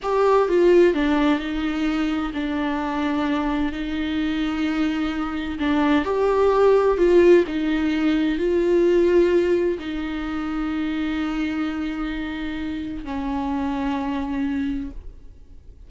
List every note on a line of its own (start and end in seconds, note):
0.02 0.48 G4
0.48 0.94 F4
0.94 1.39 D4
1.39 2.32 D#4
2.33 3.72 D4
3.72 5.58 D#4
5.59 6.04 D4
6.04 6.97 G4
6.97 7.44 F4
7.47 8.38 D#4
8.38 9.78 F4
9.78 13.04 D#4
13.04 14.90 C#4